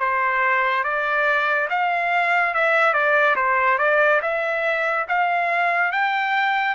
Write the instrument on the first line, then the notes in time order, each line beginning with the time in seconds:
trumpet
0.00 C5
0.85 D5
1.71 F5
2.55 E5
2.94 D5
3.36 C5
3.79 D5
4.22 E5
5.09 F5
5.92 G5